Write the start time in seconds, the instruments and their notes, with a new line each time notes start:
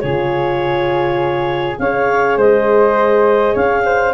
0.00 tuba C#3, horn F4, flute G#4, clarinet C#5
1.79 tuba C#4, horn G#4, flute C#5, clarinet F5
2.37 tuba G#3, flute C5, clarinet D#5
3.53 tuba C#4, flute C#5, clarinet F5
3.85 flute C5